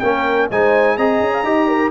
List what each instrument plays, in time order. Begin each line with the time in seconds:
0.00 tuba A#3, trombone C#4, horn A#4, trumpet G5
0.51 tuba G#3, trombone D#4, horn C5, trumpet G#5
0.96 tuba C4, trombone G#4, horn D#5, trumpet A#5
1.20 tuba C#4
1.33 horn F5
1.43 tuba D#4, trombone G4, horn D#5
1.67 horn A#4